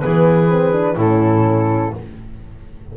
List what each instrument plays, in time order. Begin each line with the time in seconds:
0.00 double bass E3, horn B3, clarinet G#4, flute B4
0.48 horn C4
0.72 horn D4
0.95 double bass A2, horn C#4, clarinet E4, flute A4